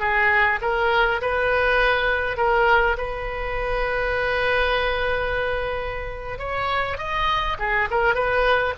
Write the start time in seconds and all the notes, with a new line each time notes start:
0.00 G#4
0.62 A#4
1.22 B4
2.37 A#4
2.98 B4
6.39 C#5
6.98 D#5
7.59 G#4
7.91 A#4
8.15 B4